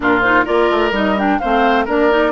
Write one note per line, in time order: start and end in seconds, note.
0.00 0.45 A#2
0.00 0.21 D4
0.00 0.44 F4
0.00 0.21 A#4
0.21 0.45 D#4
0.21 0.44 C5
0.44 0.70 A#3
0.44 0.91 F4
0.44 1.37 A#4
0.44 0.92 D5
0.70 0.91 A3
0.91 1.37 G3
0.91 1.15 D#4
0.91 1.18 D#5
1.17 1.40 D4
1.17 1.39 G5
1.39 1.87 A3
1.39 1.87 C4
1.39 1.85 C5
1.39 1.85 F5
1.85 2.31 A#3
1.85 2.10 D4
1.85 2.31 A#4
1.85 2.31 D5
2.10 2.31 D#4